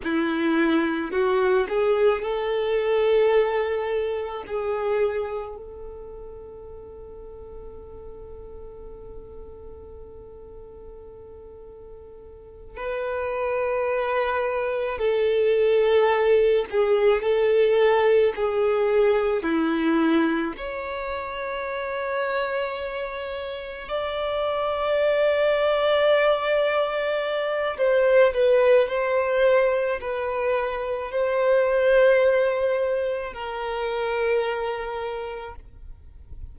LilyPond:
\new Staff \with { instrumentName = "violin" } { \time 4/4 \tempo 4 = 54 e'4 fis'8 gis'8 a'2 | gis'4 a'2.~ | a'2.~ a'8 b'8~ | b'4. a'4. gis'8 a'8~ |
a'8 gis'4 e'4 cis''4.~ | cis''4. d''2~ d''8~ | d''4 c''8 b'8 c''4 b'4 | c''2 ais'2 | }